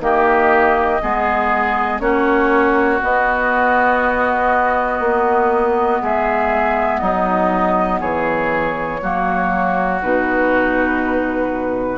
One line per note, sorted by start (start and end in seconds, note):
0.00 1.00 D#3
0.00 1.01 A#3
0.00 1.02 G4
0.00 2.00 D#5
1.02 2.00 G#3
1.02 2.00 B3
1.02 2.02 G#4
2.00 3.00 A#3
2.00 3.00 C#4
2.00 6.02 F#4
2.00 3.00 C#5
3.01 9.01 B3
3.01 5.00 B3
3.01 6.03 D#5
5.00 6.00 A#3
6.02 7.02 G#3
6.02 7.01 G#4
6.02 6.99 E5
6.99 8.01 F#3
6.99 8.00 D#4
6.99 7.99 D#5
8.00 9.01 E3
8.00 9.00 G#4
8.00 10.01 C#5
9.01 10.02 F#3
9.01 10.01 A#3
9.01 11.98 F#4
10.02 11.98 B2
10.02 11.98 D#4
10.02 11.98 B4